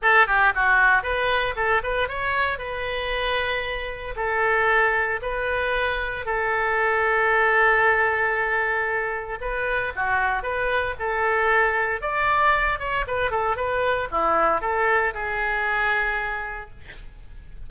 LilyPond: \new Staff \with { instrumentName = "oboe" } { \time 4/4 \tempo 4 = 115 a'8 g'8 fis'4 b'4 a'8 b'8 | cis''4 b'2. | a'2 b'2 | a'1~ |
a'2 b'4 fis'4 | b'4 a'2 d''4~ | d''8 cis''8 b'8 a'8 b'4 e'4 | a'4 gis'2. | }